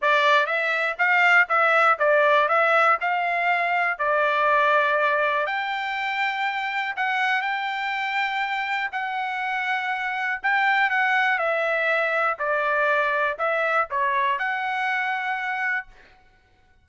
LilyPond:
\new Staff \with { instrumentName = "trumpet" } { \time 4/4 \tempo 4 = 121 d''4 e''4 f''4 e''4 | d''4 e''4 f''2 | d''2. g''4~ | g''2 fis''4 g''4~ |
g''2 fis''2~ | fis''4 g''4 fis''4 e''4~ | e''4 d''2 e''4 | cis''4 fis''2. | }